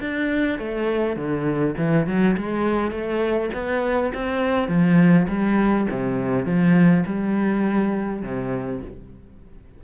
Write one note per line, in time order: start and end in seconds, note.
0.00 0.59 D4
0.59 1.16 A3
1.16 1.75 D3
1.77 2.07 E3
2.07 2.36 F#3
2.37 2.91 G#3
2.91 3.50 A3
3.54 4.13 B3
4.14 4.68 C4
4.68 5.27 F3
5.28 5.87 G3
5.91 6.45 C3
6.45 7.04 F3
7.06 8.23 G3
8.23 8.82 C3